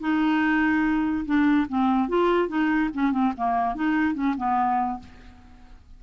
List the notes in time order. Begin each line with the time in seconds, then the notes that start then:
0.00 D#4
1.25 D4
1.69 C4
2.08 F4
2.48 D#4
2.94 C#4
3.12 C4
3.37 A#3
3.75 D#4
4.14 C#4
4.37 B3